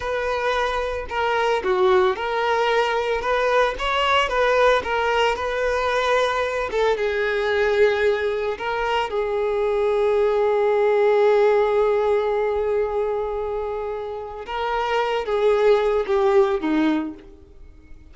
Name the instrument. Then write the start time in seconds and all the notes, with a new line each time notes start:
violin
0.00 B4
1.09 A#4
1.63 F#4
2.16 A#4
3.21 B4
3.78 C#5
4.29 B4
4.83 A#4
5.35 B4
6.71 A4
6.96 G#4
8.57 A#4
9.09 G#4
14.45 A#4
15.25 G#4
16.06 G4
16.60 D#4